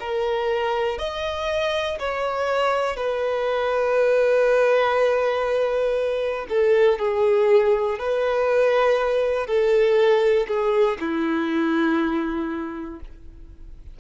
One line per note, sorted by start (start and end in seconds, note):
0.00 0.99 A#4
0.99 1.99 D#5
2.00 2.96 C#5
2.96 6.46 B4
6.50 6.99 A4
6.99 7.99 G#4
7.99 9.47 B4
9.47 10.47 A4
10.48 10.98 G#4
11.00 13.00 E4